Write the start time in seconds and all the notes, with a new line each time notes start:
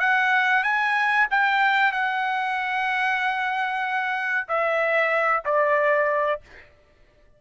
0.00 F#5
0.64 G#5
1.31 G5
1.93 F#5
4.49 E5
5.45 D5